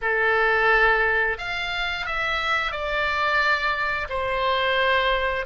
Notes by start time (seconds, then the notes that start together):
0.01 A4
1.38 F5
2.05 E5
2.71 D5
4.09 C5